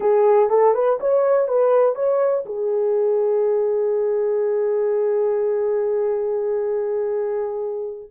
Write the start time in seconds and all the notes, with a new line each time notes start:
0.00 G#4
0.49 A4
0.74 B4
1.00 C#5
1.48 B4
1.95 C#5
2.45 G#4